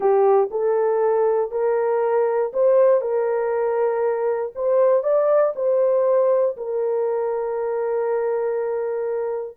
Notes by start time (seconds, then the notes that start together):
0.00 G4
0.50 A4
1.51 A#4
2.53 C5
3.01 A#4
4.55 C5
5.03 D5
5.55 C5
6.57 A#4